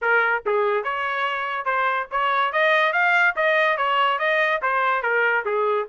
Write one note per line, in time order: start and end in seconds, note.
0.01 0.43 A#4
0.46 0.83 G#4
0.83 1.65 C#5
1.65 2.07 C5
2.11 2.52 C#5
2.52 2.92 D#5
2.92 3.34 F5
3.35 3.77 D#5
3.77 4.18 C#5
4.18 4.60 D#5
4.62 5.02 C5
5.02 5.44 A#4
5.45 5.87 G#4